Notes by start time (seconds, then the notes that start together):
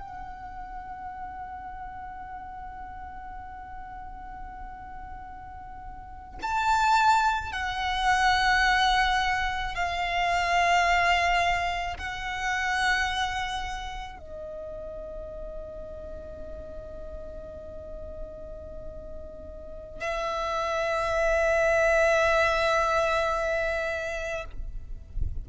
0.00 F#5
6.42 A5
7.53 F#5
9.75 F5
11.97 F#5
14.19 D#5
20.01 E5